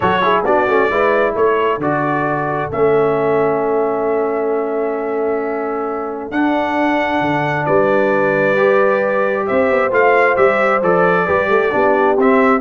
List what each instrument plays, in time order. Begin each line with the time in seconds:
0.00 tuba F#3, trombone F#4, horn A4, trumpet C#5
0.21 trombone E4, horn G#4
0.45 tuba B3, trombone D4, horn F#4, trumpet D5
0.67 tuba A3, trombone C#4
0.89 tuba G#3, trombone E4, horn B4
1.33 tuba A3, horn A4, trumpet C#5
1.78 tuba D3, trombone F#4, trumpet D5
2.71 tuba A3, trombone C#4, trumpet E5
6.31 tuba D4, trombone D4, trumpet F#5
7.20 tuba D3
7.65 tuba G3, horn B4, trumpet D5
8.56 trombone G4
9.46 tuba C4, horn C5, trumpet E5
9.69 tuba B3
9.91 tuba A3, trombone F4, trumpet F5
10.36 tuba G3, trombone G4, trumpet E5
10.82 tuba F3, trombone A4, trumpet D5
11.25 tuba G3, trombone G4, horn B4
11.50 tuba A3, horn A4
11.71 tuba B3, trombone D4, horn G4
12.17 tuba C4, trombone C4, trumpet E5